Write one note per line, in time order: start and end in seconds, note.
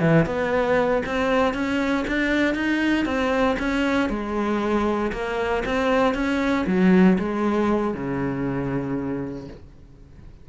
0.00 0.25 E3
0.25 1.02 B3
1.06 1.54 C4
1.54 2.05 C#4
2.07 2.55 D4
2.55 3.05 D#4
3.05 3.57 C4
3.59 4.09 C#4
4.09 5.12 G#3
5.12 5.63 A#3
5.65 6.14 C4
6.14 6.65 C#4
6.66 7.17 F#3
7.18 7.94 G#3
7.94 9.48 C#3